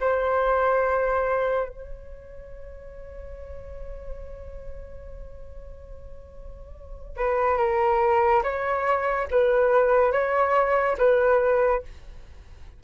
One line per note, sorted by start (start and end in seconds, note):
0.00 1.69 C5
1.69 7.16 C#5
7.16 7.57 B4
7.57 8.42 A#4
8.43 9.27 C#5
9.30 10.12 B4
10.12 10.96 C#5
10.98 11.82 B4